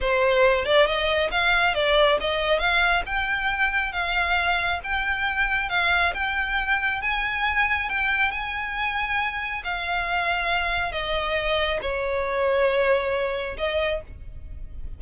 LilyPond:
\new Staff \with { instrumentName = "violin" } { \time 4/4 \tempo 4 = 137 c''4. d''8 dis''4 f''4 | d''4 dis''4 f''4 g''4~ | g''4 f''2 g''4~ | g''4 f''4 g''2 |
gis''2 g''4 gis''4~ | gis''2 f''2~ | f''4 dis''2 cis''4~ | cis''2. dis''4 | }